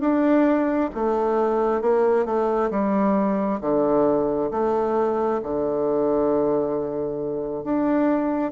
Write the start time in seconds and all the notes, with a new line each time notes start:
0.00 D4
0.94 A3
1.81 A#3
2.25 A3
2.70 G3
3.61 D3
4.51 A3
5.43 D3
7.64 D4